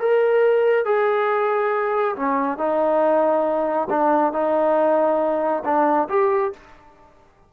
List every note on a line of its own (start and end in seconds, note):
0.00 0.85 A#4
0.85 2.16 G#4
2.16 2.58 C#4
2.58 3.89 D#4
3.90 4.33 D4
4.33 5.64 D#4
5.65 6.09 D4
6.09 6.53 G4